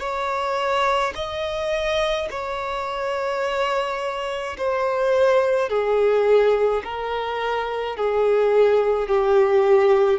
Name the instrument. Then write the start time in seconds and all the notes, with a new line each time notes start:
violin
0.00 C#5
1.15 D#5
2.31 C#5
4.58 C5
5.69 G#4
6.84 A#4
7.97 G#4
9.08 G4